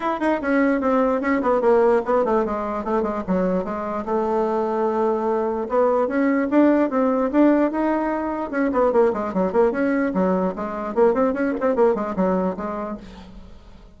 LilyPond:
\new Staff \with { instrumentName = "bassoon" } { \time 4/4 \tempo 4 = 148 e'8 dis'8 cis'4 c'4 cis'8 b8 | ais4 b8 a8 gis4 a8 gis8 | fis4 gis4 a2~ | a2 b4 cis'4 |
d'4 c'4 d'4 dis'4~ | dis'4 cis'8 b8 ais8 gis8 fis8 ais8 | cis'4 fis4 gis4 ais8 c'8 | cis'8 c'8 ais8 gis8 fis4 gis4 | }